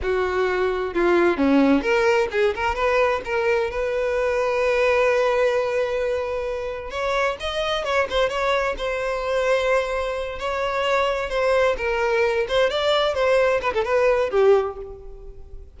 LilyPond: \new Staff \with { instrumentName = "violin" } { \time 4/4 \tempo 4 = 130 fis'2 f'4 cis'4 | ais'4 gis'8 ais'8 b'4 ais'4 | b'1~ | b'2. cis''4 |
dis''4 cis''8 c''8 cis''4 c''4~ | c''2~ c''8 cis''4.~ | cis''8 c''4 ais'4. c''8 d''8~ | d''8 c''4 b'16 a'16 b'4 g'4 | }